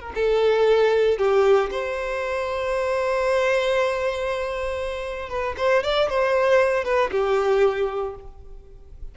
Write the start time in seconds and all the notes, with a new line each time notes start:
0.00 A#4
0.14 A4
1.18 G4
1.71 C5
5.29 B4
5.57 C5
5.83 D5
6.09 C5
6.84 B4
7.11 G4